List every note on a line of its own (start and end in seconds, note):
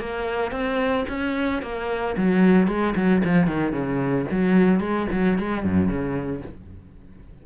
0.00 0.52 A#3
0.52 1.05 C4
1.09 1.62 C#4
1.62 2.16 A#3
2.17 2.68 F#3
2.68 2.94 G#3
2.96 3.23 F#3
3.24 3.47 F3
3.47 3.73 D#3
3.73 4.26 C#3
4.31 4.80 F#3
4.80 5.07 G#3
5.12 5.39 F#3
5.39 5.63 G#3
5.63 5.89 F#2
5.89 6.42 C#3